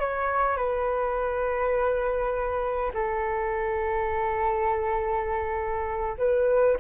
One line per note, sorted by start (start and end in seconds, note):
0.00 0.56 C#5
0.56 2.91 B4
2.94 6.17 A4
6.18 6.76 B4